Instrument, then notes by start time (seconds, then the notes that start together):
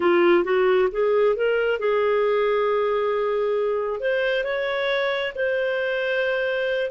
clarinet
0.00 F4
0.44 F#4
0.91 G#4
1.36 A#4
1.79 G#4
4.00 C5
4.43 C#5
5.35 C5